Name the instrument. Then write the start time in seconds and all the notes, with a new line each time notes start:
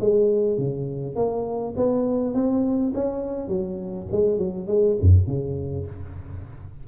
tuba
0.00 G#3
0.58 C#3
1.16 A#3
1.76 B3
2.34 C4
2.94 C#4
3.48 F#3
4.11 G#3
4.38 F#3
4.67 G#3
5.01 F#2
5.27 C#3